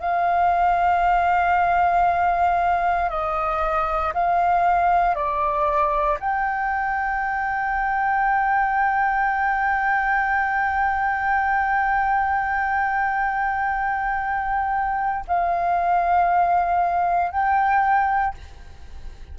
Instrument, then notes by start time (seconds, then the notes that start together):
flute
0.00 F5
3.10 D#5
4.14 F5
5.15 D5
6.20 G5
15.28 F5
17.31 G5